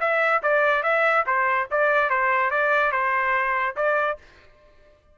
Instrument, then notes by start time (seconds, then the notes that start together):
trumpet
0.00 E5
0.42 D5
0.83 E5
1.26 C5
1.71 D5
2.09 C5
2.51 D5
2.92 C5
3.76 D5